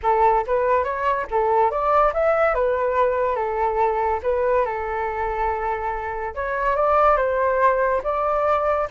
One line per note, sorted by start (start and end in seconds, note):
0.02 0.45 A4
0.46 0.84 B4
0.84 1.26 C#5
1.30 1.70 A4
1.70 2.12 D5
2.13 2.54 E5
2.54 3.35 B4
3.35 4.19 A4
4.23 4.65 B4
4.65 6.34 A4
6.34 6.76 C#5
6.76 7.17 D5
7.17 8.01 C5
8.03 8.88 D5